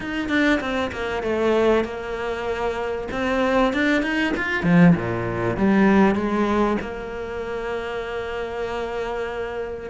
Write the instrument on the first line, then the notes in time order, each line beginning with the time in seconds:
cello
0.00 D#4
0.28 D4
0.60 C4
0.91 A#3
1.23 A3
1.84 A#3
3.11 C4
3.73 D4
4.02 D#4
4.36 F4
4.63 F3
4.95 A#2
5.56 G3
6.15 G#3
6.81 A#3